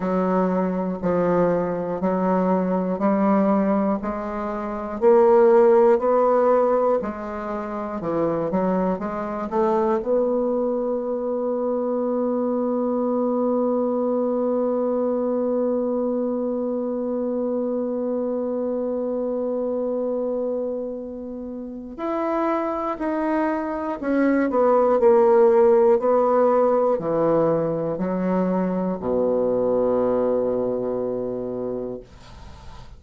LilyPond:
\new Staff \with { instrumentName = "bassoon" } { \time 4/4 \tempo 4 = 60 fis4 f4 fis4 g4 | gis4 ais4 b4 gis4 | e8 fis8 gis8 a8 b2~ | b1~ |
b1~ | b2 e'4 dis'4 | cis'8 b8 ais4 b4 e4 | fis4 b,2. | }